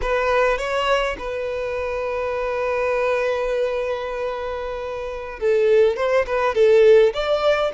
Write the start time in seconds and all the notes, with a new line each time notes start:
0.01 B4
0.58 C#5
1.19 B4
5.39 A4
5.96 C5
6.26 B4
6.54 A4
7.13 D5